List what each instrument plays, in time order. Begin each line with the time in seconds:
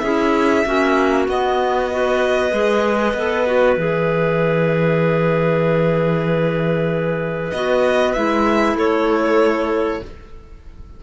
0.00 cello C#4, clarinet E4 G#4, violin E5
0.65 cello A#3, clarinet C#4 F#4
1.27 clarinet B3, cello B3, violin D#5
1.91 clarinet F#4 B4
2.51 cello G#3, clarinet G#4
3.14 cello B3, clarinet A4
3.47 clarinet F#4
3.77 cello E3, clarinet G#4, violin E5
7.51 cello B3, clarinet F#4, violin D#5
8.14 cello G#3, clarinet E4, violin E5
8.76 cello A3, clarinet A4, violin C#5